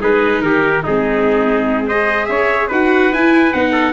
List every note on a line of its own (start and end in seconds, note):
0.00 0.41 G#3
0.00 0.83 D#4
0.00 0.42 G#4
0.00 0.41 B4
0.41 0.82 D#3
0.41 0.83 G4
0.41 0.83 A#4
0.83 2.29 G#3
0.83 1.90 C4
0.83 1.86 D#4
0.83 1.88 G#4
1.86 2.71 G#4
1.86 2.28 C5
1.86 2.25 D#5
2.25 2.70 C#4
2.25 2.67 C#5
2.25 2.67 E5
2.67 3.11 D#4
2.67 3.12 F#4
2.67 3.71 B4
2.67 3.13 F#5
3.11 3.53 E4
3.11 3.53 G#5
3.53 3.93 B3
3.53 3.93 D#4
3.53 3.93 F#5
3.71 3.92 A4